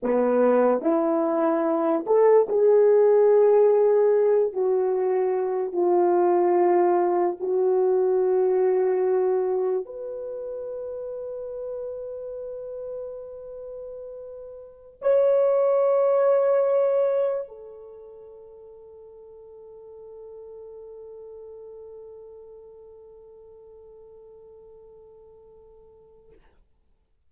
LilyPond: \new Staff \with { instrumentName = "horn" } { \time 4/4 \tempo 4 = 73 b4 e'4. a'8 gis'4~ | gis'4. fis'4. f'4~ | f'4 fis'2. | b'1~ |
b'2~ b'16 cis''4.~ cis''16~ | cis''4~ cis''16 a'2~ a'8.~ | a'1~ | a'1 | }